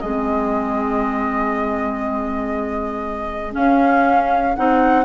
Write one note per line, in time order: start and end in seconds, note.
0.00 3.56 G#3
0.00 3.52 C4
0.00 5.05 G#4
0.00 3.53 D#5
3.52 4.53 C#4
3.52 4.57 C#4
3.52 4.56 F5
4.56 5.05 C4
4.56 5.05 D#4
4.56 5.05 F#5